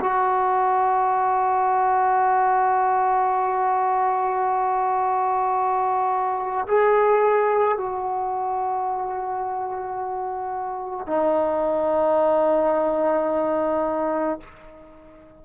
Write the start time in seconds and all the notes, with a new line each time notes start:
0.00 F#4
6.68 G#4
7.77 F#4
11.07 D#4